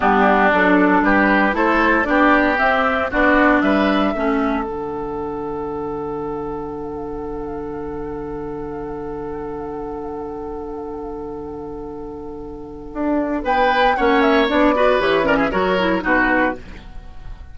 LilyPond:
<<
  \new Staff \with { instrumentName = "flute" } { \time 4/4 \tempo 4 = 116 g'4 a'4 b'4 c''4 | d''4 e''4 d''4 e''4~ | e''4 fis''2.~ | fis''1~ |
fis''1~ | fis''1~ | fis''2 g''4 fis''8 e''8 | d''4 cis''8 d''16 e''16 cis''4 b'4 | }
  \new Staff \with { instrumentName = "oboe" } { \time 4/4 d'2 g'4 a'4 | g'2 fis'4 b'4 | a'1~ | a'1~ |
a'1~ | a'1~ | a'2 b'4 cis''4~ | cis''8 b'4 ais'16 gis'16 ais'4 fis'4 | }
  \new Staff \with { instrumentName = "clarinet" } { \time 4/4 b4 d'2 e'4 | d'4 c'4 d'2 | cis'4 d'2.~ | d'1~ |
d'1~ | d'1~ | d'2. cis'4 | d'8 fis'8 g'8 cis'8 fis'8 e'8 dis'4 | }
  \new Staff \with { instrumentName = "bassoon" } { \time 4/4 g4 fis4 g4 a4 | b4 c'4 b4 g4 | a4 d2.~ | d1~ |
d1~ | d1~ | d4 d'4 b4 ais4 | b4 e4 fis4 b,4 | }
>>